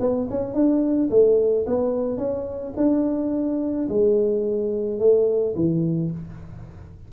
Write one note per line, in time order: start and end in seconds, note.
0.00 0.28 B3
0.30 0.54 C#4
0.54 1.09 D4
1.10 1.66 A3
1.66 2.18 B3
2.18 2.73 C#4
2.77 3.88 D4
3.89 4.99 G#3
4.99 5.55 A3
5.55 6.11 E3